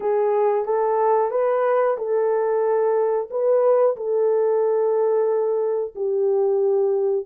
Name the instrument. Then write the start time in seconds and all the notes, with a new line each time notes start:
horn
0.00 G#4
0.65 A4
1.30 B4
1.97 A4
3.30 B4
3.96 A4
5.95 G4